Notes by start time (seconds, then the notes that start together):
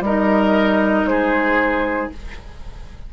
0.00 G3 D#4 A#4 D#5
1.05 G#3 G#4 C5